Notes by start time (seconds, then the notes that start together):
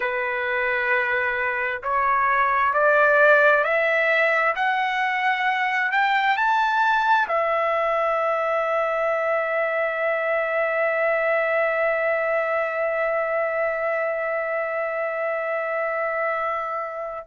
0.00 B4
1.83 C#5
2.73 D5
3.64 E5
4.55 F#5
5.91 G5
6.36 A5
7.27 E5